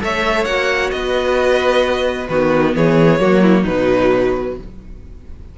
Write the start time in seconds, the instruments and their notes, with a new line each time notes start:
0.00 cello A3, viola A4, violin C#5 E5
0.44 cello A#3, viola F#4, violin F#5
0.90 cello B3, violin B4 D#5
2.28 cello D#3, viola B3, violin F#4 B4
2.75 cello E3, violin G#4 C#5
3.19 cello F#3, viola A#3, violin F#4
3.42 violin E4
3.61 cello B2, viola F#3, violin D#4 B4